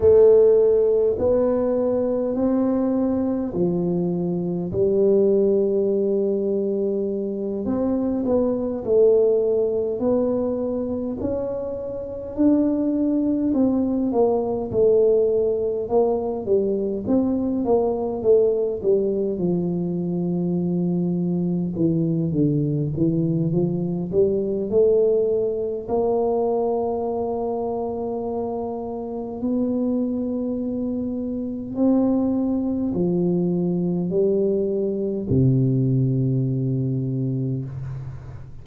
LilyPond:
\new Staff \with { instrumentName = "tuba" } { \time 4/4 \tempo 4 = 51 a4 b4 c'4 f4 | g2~ g8 c'8 b8 a8~ | a8 b4 cis'4 d'4 c'8 | ais8 a4 ais8 g8 c'8 ais8 a8 |
g8 f2 e8 d8 e8 | f8 g8 a4 ais2~ | ais4 b2 c'4 | f4 g4 c2 | }